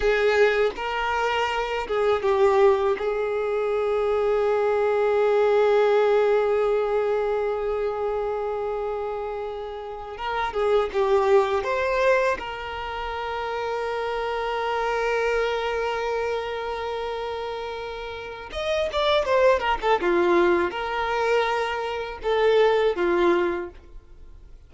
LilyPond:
\new Staff \with { instrumentName = "violin" } { \time 4/4 \tempo 4 = 81 gis'4 ais'4. gis'8 g'4 | gis'1~ | gis'1~ | gis'4.~ gis'16 ais'8 gis'8 g'4 c''16~ |
c''8. ais'2.~ ais'16~ | ais'1~ | ais'4 dis''8 d''8 c''8 ais'16 a'16 f'4 | ais'2 a'4 f'4 | }